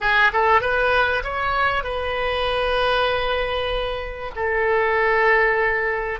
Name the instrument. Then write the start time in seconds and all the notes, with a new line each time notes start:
oboe
0.00 G#4
0.33 A4
0.61 B4
1.23 C#5
1.83 B4
4.35 A4